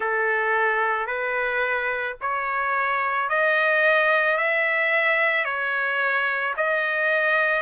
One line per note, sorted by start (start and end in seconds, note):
0.00 1.07 A4
1.07 2.16 B4
2.21 3.29 C#5
3.29 4.37 D#5
4.37 5.44 E5
5.44 6.54 C#5
6.57 7.62 D#5